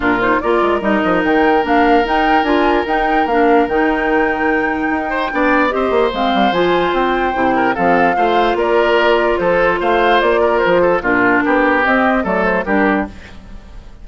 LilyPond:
<<
  \new Staff \with { instrumentName = "flute" } { \time 4/4 \tempo 4 = 147 ais'8 c''8 d''4 dis''4 g''4 | f''4 g''4 gis''4 g''4 | f''4 g''2.~ | g''2 dis''4 f''4 |
gis''4 g''2 f''4~ | f''4 d''2 c''4 | f''4 d''4 c''4 ais'4~ | ais'4 dis''4 d''8 c''8 ais'4 | }
  \new Staff \with { instrumentName = "oboe" } { \time 4/4 f'4 ais'2.~ | ais'1~ | ais'1~ | ais'8 c''8 d''4 c''2~ |
c''2~ c''8 ais'8 a'4 | c''4 ais'2 a'4 | c''4. ais'4 a'8 f'4 | g'2 a'4 g'4 | }
  \new Staff \with { instrumentName = "clarinet" } { \time 4/4 d'8 dis'8 f'4 dis'2 | d'4 dis'4 f'4 dis'4 | d'4 dis'2.~ | dis'4 d'4 g'4 c'4 |
f'2 e'4 c'4 | f'1~ | f'2. d'4~ | d'4 c'4 a4 d'4 | }
  \new Staff \with { instrumentName = "bassoon" } { \time 4/4 ais,4 ais8 gis8 g8 f8 dis4 | ais4 dis'4 d'4 dis'4 | ais4 dis2. | dis'4 b4 c'8 ais8 gis8 g8 |
f4 c'4 c4 f4 | a4 ais2 f4 | a4 ais4 f4 ais,4 | b4 c'4 fis4 g4 | }
>>